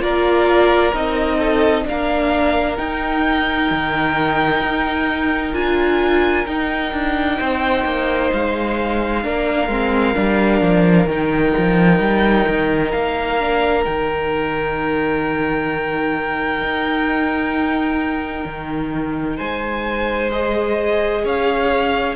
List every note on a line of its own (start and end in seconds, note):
0.00 0.93 A#3
0.00 0.92 F4
0.00 1.38 A#4
0.00 0.95 D5
0.93 1.86 C4
0.93 1.84 D#4
0.93 1.88 D#5
1.38 1.84 A4
1.84 2.76 D4
1.84 7.38 A#4
1.84 2.77 F5
1.90 2.79 A#3
2.77 5.53 D#4
2.77 3.71 D#4
2.77 5.54 G5
3.71 4.62 D#3
4.62 5.53 D#4
5.53 6.46 D4
5.53 6.46 F4
5.53 6.47 G#5
6.47 6.93 D#4
6.47 9.23 D#4
6.47 8.31 G5
6.93 7.39 D4
7.38 7.85 C4
7.38 9.23 C5
7.85 8.31 A#3
8.32 9.24 G#3
8.32 11.09 F5
9.23 9.68 A#3
9.23 9.70 D4
9.23 19.37 A#4
9.68 10.14 G#3
9.68 10.15 C4
10.15 10.61 G3
10.15 11.07 D4
10.61 11.07 F3
11.07 11.53 D#3
11.07 13.40 D#4
11.07 12.92 G5
11.58 11.99 F3
11.99 12.46 G3
12.48 12.93 D#3
12.92 13.86 A#3
12.92 13.84 F5
13.40 13.85 D4
13.85 16.61 D#3
13.85 20.31 D#4
13.85 19.38 G5
16.61 18.45 D#4
18.45 19.37 D#3
19.37 21.25 G#3
19.37 21.21 C5
19.37 20.31 G#5
20.32 22.16 G#4
20.32 21.25 D#5
21.25 22.16 C#4
21.25 22.16 C#5
21.25 22.16 F5